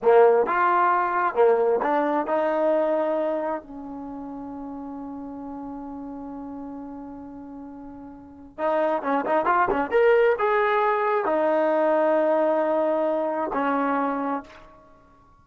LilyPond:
\new Staff \with { instrumentName = "trombone" } { \time 4/4 \tempo 4 = 133 ais4 f'2 ais4 | d'4 dis'2. | cis'1~ | cis'1~ |
cis'2. dis'4 | cis'8 dis'8 f'8 cis'8 ais'4 gis'4~ | gis'4 dis'2.~ | dis'2 cis'2 | }